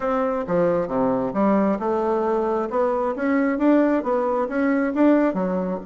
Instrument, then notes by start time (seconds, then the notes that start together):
bassoon
0.00 C4
0.47 F3
0.87 C3
1.33 G3
1.79 A3
2.70 B3
3.15 C#4
3.58 D4
4.03 B3
4.48 C#4
4.94 D4
5.33 F#3